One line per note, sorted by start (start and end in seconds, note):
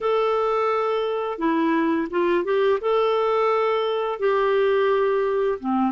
0.00 1.38 A4
1.38 2.08 E4
2.10 2.44 F4
2.44 2.79 G4
2.80 4.19 A4
4.19 5.58 G4
5.59 5.91 C4